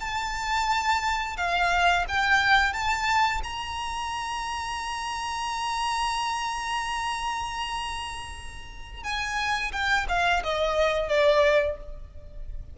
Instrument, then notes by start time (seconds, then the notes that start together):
violin
0.00 A5
1.37 F5
2.08 G5
2.73 A5
3.43 A#5
9.03 G#5
9.72 G5
10.08 F5
10.43 D#5
11.09 D5